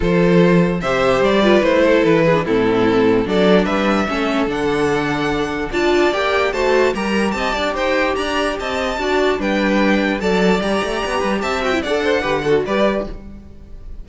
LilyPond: <<
  \new Staff \with { instrumentName = "violin" } { \time 4/4 \tempo 4 = 147 c''2 e''4 d''4 | c''4 b'4 a'2 | d''4 e''2 fis''4~ | fis''2 a''4 g''4 |
a''4 ais''4 a''4 g''4 | ais''4 a''2 g''4~ | g''4 a''4 ais''2 | a''8 g''8 fis''2 d''4 | }
  \new Staff \with { instrumentName = "violin" } { \time 4/4 a'2 c''4. b'8~ | b'8 a'4 gis'8 e'2 | a'4 b'4 a'2~ | a'2 d''2 |
c''4 ais'4 dis''8 d''8 c''4 | d''4 dis''4 d''4 b'4~ | b'4 d''2~ d''8 b'8 | e''4 d''8 c''8 b'8 a'8 b'4 | }
  \new Staff \with { instrumentName = "viola" } { \time 4/4 f'2 g'4. f'8 | e'4.~ e'16 d'16 c'2 | d'2 cis'4 d'4~ | d'2 f'4 g'4 |
fis'4 g'2.~ | g'2 fis'4 d'4~ | d'4 a'4 g'2~ | g'8 fis'16 e'16 a'4 g'8 fis'8 g'4 | }
  \new Staff \with { instrumentName = "cello" } { \time 4/4 f2 c4 g4 | a4 e4 a,2 | fis4 g4 a4 d4~ | d2 d'4 ais4 |
a4 g4 c'8 d'8 dis'4 | d'4 c'4 d'4 g4~ | g4 fis4 g8 a8 b8 g8 | c'4 d'4 d4 g4 | }
>>